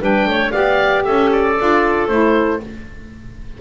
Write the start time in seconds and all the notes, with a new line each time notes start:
0.00 G3 D4 B4 G5
0.25 A3 C#5
0.51 B3 G4 D5 F5
1.04 C#4 A4 E5
1.32 D5
1.57 D4 F4
2.08 A3 E4 C5